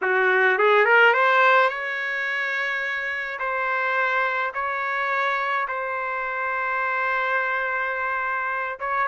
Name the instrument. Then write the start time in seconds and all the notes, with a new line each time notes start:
trumpet
0.01 F#4
0.58 G#4
0.85 A#4
1.13 C5
1.69 C#5
3.39 C5
4.54 C#5
5.68 C5
8.79 C#5